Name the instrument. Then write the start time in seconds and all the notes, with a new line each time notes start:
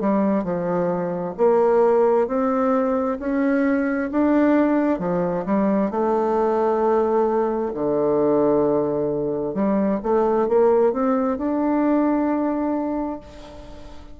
bassoon
0.00 G3
0.43 F3
1.37 A#3
2.27 C4
3.19 C#4
4.11 D4
4.99 F3
5.45 G3
5.90 A3
7.74 D3
9.54 G3
10.02 A3
10.48 A#3
10.93 C4
11.38 D4